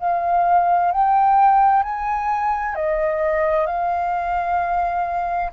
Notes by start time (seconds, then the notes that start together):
0.00 F5
0.92 G5
1.83 G#5
2.75 D#5
3.67 F5